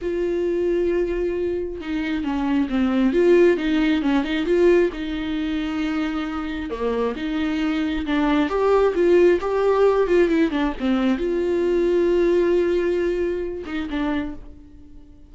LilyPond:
\new Staff \with { instrumentName = "viola" } { \time 4/4 \tempo 4 = 134 f'1 | dis'4 cis'4 c'4 f'4 | dis'4 cis'8 dis'8 f'4 dis'4~ | dis'2. ais4 |
dis'2 d'4 g'4 | f'4 g'4. f'8 e'8 d'8 | c'4 f'2.~ | f'2~ f'8 dis'8 d'4 | }